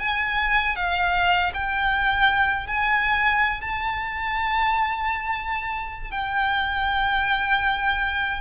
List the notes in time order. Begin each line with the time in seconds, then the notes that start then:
0.00 G#5
0.76 F5
1.54 G5
2.67 G#5
3.61 A5
6.11 G5